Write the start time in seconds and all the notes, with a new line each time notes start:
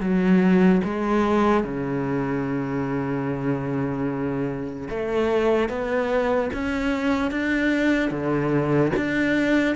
0.00 F#3
0.84 G#3
1.64 C#3
4.90 A3
5.69 B3
6.53 C#4
7.31 D4
8.10 D3
8.96 D4